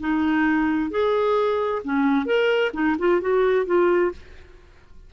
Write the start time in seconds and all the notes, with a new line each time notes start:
0.00 D#4
0.90 G#4
1.84 C#4
2.25 A#4
2.73 D#4
2.98 F4
3.21 F#4
3.66 F4